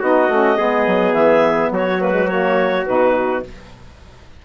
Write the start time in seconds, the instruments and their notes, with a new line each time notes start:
0.00 bassoon B3, saxophone D#4, trumpet F#4, clarinet D#5
0.28 bassoon A3, saxophone C#4
0.57 bassoon G#3, saxophone B3, trumpet G#4
0.87 bassoon F#3
1.12 bassoon E3, clarinet E5
1.71 bassoon F#3, trumpet F#4, clarinet C#5
1.99 saxophone A#3, clarinet B4
2.11 saxophone G#3
2.28 saxophone A#3, clarinet C#5
2.86 bassoon B2, saxophone D#4, clarinet B4